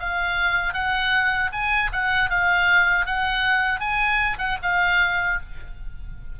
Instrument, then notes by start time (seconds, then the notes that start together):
oboe
0.00 F5
0.74 F#5
1.53 G#5
1.93 F#5
2.30 F5
3.06 F#5
3.80 G#5
4.39 F#5
4.63 F5